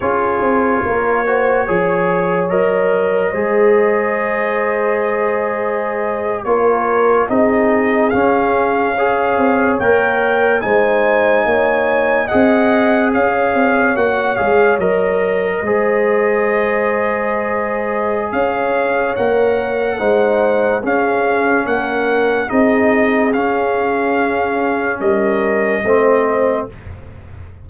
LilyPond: <<
  \new Staff \with { instrumentName = "trumpet" } { \time 4/4 \tempo 4 = 72 cis''2. dis''4~ | dis''2.~ dis''8. cis''16~ | cis''8. dis''4 f''2 g''16~ | g''8. gis''2 fis''4 f''16~ |
f''8. fis''8 f''8 dis''2~ dis''16~ | dis''2 f''4 fis''4~ | fis''4 f''4 fis''4 dis''4 | f''2 dis''2 | }
  \new Staff \with { instrumentName = "horn" } { \time 4/4 gis'4 ais'8 c''8 cis''2 | c''2.~ c''8. ais'16~ | ais'8. gis'2 cis''4~ cis''16~ | cis''8. c''4 cis''4 dis''4 cis''16~ |
cis''2~ cis''8. c''4~ c''16~ | c''2 cis''2 | c''4 gis'4 ais'4 gis'4~ | gis'2 ais'4 c''4 | }
  \new Staff \with { instrumentName = "trombone" } { \time 4/4 f'4. fis'8 gis'4 ais'4 | gis'2.~ gis'8. f'16~ | f'8. dis'4 cis'4 gis'4 ais'16~ | ais'8. dis'2 gis'4~ gis'16~ |
gis'8. fis'8 gis'8 ais'4 gis'4~ gis'16~ | gis'2. ais'4 | dis'4 cis'2 dis'4 | cis'2. c'4 | }
  \new Staff \with { instrumentName = "tuba" } { \time 4/4 cis'8 c'8 ais4 f4 fis4 | gis2.~ gis8. ais16~ | ais8. c'4 cis'4. c'8 ais16~ | ais8. gis4 ais4 c'4 cis'16~ |
cis'16 c'8 ais8 gis8 fis4 gis4~ gis16~ | gis2 cis'4 ais4 | gis4 cis'4 ais4 c'4 | cis'2 g4 a4 | }
>>